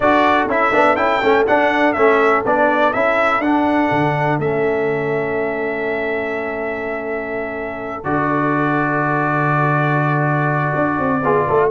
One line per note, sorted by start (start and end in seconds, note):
0.00 0.46 D4
0.00 0.49 F#4
0.00 11.21 A4
0.00 0.48 D5
0.46 0.71 C#4
0.46 0.72 E4
0.46 0.96 E5
0.72 0.96 B3
0.72 0.96 D4
0.96 1.20 C#4
0.96 1.21 E4
0.96 1.45 G5
1.21 1.47 A3
1.21 1.46 C#4
1.47 1.95 D4
1.47 1.96 D4
1.47 1.93 F#5
1.93 2.45 A3
1.93 2.45 C#4
1.93 2.41 E5
2.45 2.94 B3
2.45 2.93 D4
2.45 2.93 D5
2.93 3.39 C#4
2.93 3.41 E4
2.93 3.41 E5
3.39 3.88 D4
3.39 4.40 D4
3.39 4.39 F#5
3.91 4.38 D3
4.38 8.04 A3
4.38 8.04 C#4
4.38 8.04 E5
8.04 10.72 D3
8.04 11.21 F#4
8.04 11.70 D5
10.75 10.98 D4
10.98 11.23 C4
11.22 11.47 B3
11.22 11.70 F4
11.22 11.47 G#4
11.47 11.70 A3
11.47 11.70 A4